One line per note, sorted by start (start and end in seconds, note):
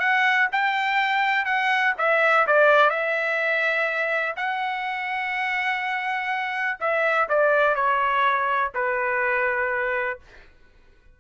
0.00 0.48 F#5
0.52 1.46 G5
1.46 1.94 F#5
1.98 2.47 E5
2.47 2.90 D5
2.90 4.35 E5
4.37 6.79 F#5
6.80 7.29 E5
7.29 7.76 D5
7.76 8.73 C#5
8.75 10.20 B4